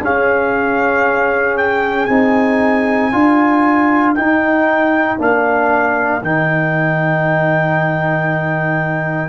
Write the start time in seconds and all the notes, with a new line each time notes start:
0.00 C#4 G#4 F5
1.57 G5
2.05 C4 D#4 G#5
3.11 D4 F4 A#4
4.14 D#4 G5
5.18 A#3 D4 F5
6.21 D#3 D#4 G5